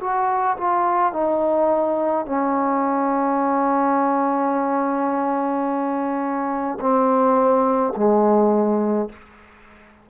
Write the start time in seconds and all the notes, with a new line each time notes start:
0.00 F#4
0.57 F4
1.12 D#4
2.25 C#4
6.80 C4
7.96 G#3